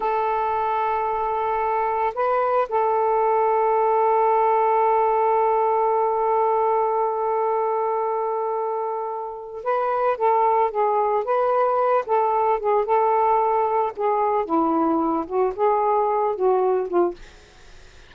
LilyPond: \new Staff \with { instrumentName = "saxophone" } { \time 4/4 \tempo 4 = 112 a'1 | b'4 a'2.~ | a'1~ | a'1~ |
a'2 b'4 a'4 | gis'4 b'4. a'4 gis'8 | a'2 gis'4 e'4~ | e'8 fis'8 gis'4. fis'4 f'8 | }